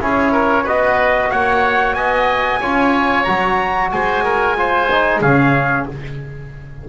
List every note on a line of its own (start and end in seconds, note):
0.00 0.66 C#4
0.00 0.65 E4
0.00 0.32 G#4
0.00 0.68 C#5
0.32 0.64 A#4
0.64 1.31 B3
0.64 2.62 F#4
0.64 1.29 B4
0.64 1.31 D#5
1.31 1.95 A#3
1.31 1.97 C#5
1.31 1.94 F#5
1.94 2.61 B3
1.94 2.60 D#5
1.94 3.24 G#5
2.60 3.27 C#4
2.60 3.27 F4
2.60 3.91 C#5
3.24 3.93 F#3
3.24 4.57 F#4
3.24 3.89 A#5
3.91 5.21 G#3
3.91 4.24 C5
3.91 5.22 G#5
4.24 4.57 A#4
4.57 4.90 F4
4.57 5.21 C5
4.91 5.24 D#4
5.21 5.87 C#3
5.21 5.89 C#4
5.21 5.86 G#4
5.21 5.87 F5